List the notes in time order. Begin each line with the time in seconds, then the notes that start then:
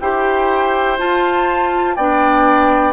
0.00 E4 G4 C5 G5
0.98 F4 A5
1.95 B3 D4 D5 G5